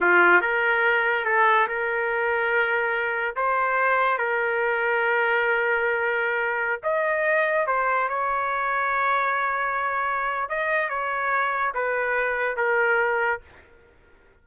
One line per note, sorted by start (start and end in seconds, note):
0.00 0.41 F4
0.41 1.25 A#4
1.25 1.67 A4
1.67 3.35 A#4
3.36 4.17 C5
4.17 6.80 A#4
6.83 7.66 D#5
7.66 8.08 C5
8.08 10.49 C#5
10.49 10.89 D#5
10.89 11.73 C#5
11.74 12.56 B4
12.56 13.40 A#4